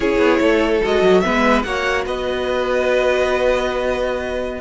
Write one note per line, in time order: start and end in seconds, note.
0.00 0.18 C#4
0.00 0.81 E4
0.00 0.41 G#4
0.00 0.82 C#5
0.18 0.39 B3
0.40 0.81 A3
0.40 1.23 A4
0.83 1.02 G#3
0.83 1.23 F#4
0.83 1.20 D#5
1.02 1.22 F#3
1.20 1.64 B3
1.20 1.65 B4
1.20 1.61 E5
1.26 1.64 G#3
1.63 2.05 A#3
1.63 4.61 F#4
1.63 2.05 C#5
1.63 2.04 F#5
2.05 4.61 B3
2.05 4.61 B4
2.05 4.61 D#5